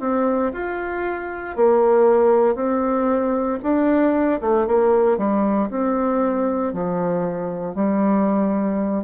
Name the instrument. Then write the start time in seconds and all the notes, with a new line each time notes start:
bassoon
0.00 C4
0.52 F4
1.56 A#3
2.55 C4
3.63 D4
4.41 A3
4.66 A#3
5.17 G3
5.70 C4
6.73 F3
7.74 G3